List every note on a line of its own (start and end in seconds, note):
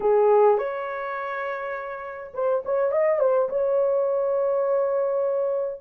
0.00 0.58 G#4
0.58 2.32 C#5
2.34 2.63 C5
2.65 2.91 C#5
2.91 3.19 D#5
3.19 3.48 C5
3.49 5.81 C#5